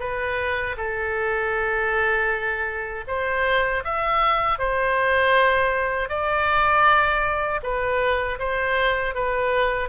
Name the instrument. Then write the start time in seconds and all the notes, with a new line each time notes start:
oboe
0.00 B4
0.77 A4
3.07 C5
3.84 E5
4.58 C5
6.09 D5
7.63 B4
8.39 C5
9.14 B4